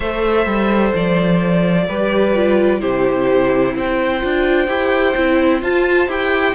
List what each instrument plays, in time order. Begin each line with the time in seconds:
0.00 cello A3, viola A4, violin C5 E5
0.46 cello G3
0.94 cello F3, violin D5
1.88 cello G3, viola G4, violin B4
2.34 viola F4
2.80 cello C3, viola E4, violin G4 C5
3.75 cello C4, violin C5 G5
4.21 cello D4, viola F4
4.67 cello E4, viola G4
5.16 cello C4, viola E4
5.61 viola F4, cello F4, violin A5
6.07 cello E4, viola G4, violin G5